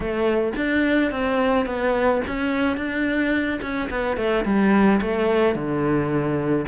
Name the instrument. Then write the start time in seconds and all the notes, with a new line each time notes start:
cello
0.00 A3
0.56 D4
1.11 C4
1.66 B3
2.27 C#4
2.76 D4
3.61 C#4
3.89 B3
4.16 A3
4.44 G3
5.01 A3
5.55 D3